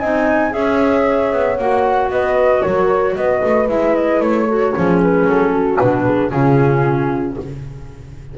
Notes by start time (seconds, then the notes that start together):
0.00 C4 D#4 D#5 G#5
0.51 C#4 G#4 C#5 E5
1.33 B3
1.58 A#3 F#4 F#5
2.10 B3 B4 D#5
2.62 F#3 A#4 C#5
3.16 B3 B4 D#5
3.45 A3
3.69 G#3 E4 E5
3.96 D#5
4.21 A3 C#5
4.48 F#4 A4
4.74 F3 C#4 G#4
5.03 B4
5.25 F#3 A4
5.52 F#4
5.79 B2 D4 B4
6.05 G#4
6.30 C#3 C#4 F4 G#4